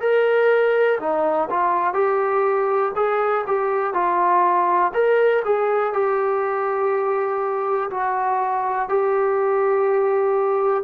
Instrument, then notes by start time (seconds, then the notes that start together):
trombone
0.00 A#4
0.99 D#4
1.49 F4
1.93 G4
2.95 G#4
3.46 G4
3.93 F4
4.93 A#4
5.45 G#4
5.93 G4
7.90 F#4
8.88 G4